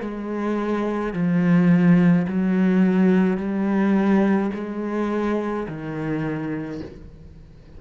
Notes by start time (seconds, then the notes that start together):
0.00 G#3
1.13 F3
2.27 F#3
3.37 G3
4.54 G#3
5.68 D#3